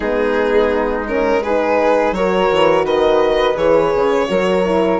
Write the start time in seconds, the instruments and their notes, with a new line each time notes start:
0.00 bassoon G#3, horn B3, flute D#4, violin G#4
1.06 horn C#4, violin A#4
1.42 horn D#4, flute G#4, violin B4
2.11 bassoon F#3, horn F#4, flute A#4, violin C#5
2.52 bassoon E3
2.83 bassoon D#3, flute B4, violin D#5
3.55 bassoon E3, horn G#4, violin C#5
3.95 bassoon C#3
4.28 bassoon F#3, horn F#4, flute A#4
4.65 horn E4